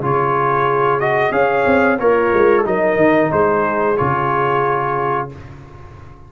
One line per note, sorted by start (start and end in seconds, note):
0.00 1.31 C#3
0.00 1.00 F4
0.00 1.34 G#4
0.00 1.00 C#5
1.00 1.32 F#4
1.00 1.32 D#5
1.31 1.64 C#4
1.31 1.98 G#4
1.31 2.00 C#5
1.31 1.98 F5
1.66 1.99 C4
1.99 2.32 A#3
1.99 2.66 F4
1.99 2.64 A#4
1.99 2.65 C#5
2.33 2.66 G#3
2.64 2.96 F#3
2.64 3.96 D#4
2.64 3.31 A#4
2.64 3.32 D#5
2.96 3.29 D#3
3.32 3.98 G#3
3.32 5.29 G#4
3.32 3.97 C5
3.97 5.32 C#3
3.97 5.29 F4
3.97 5.29 C#5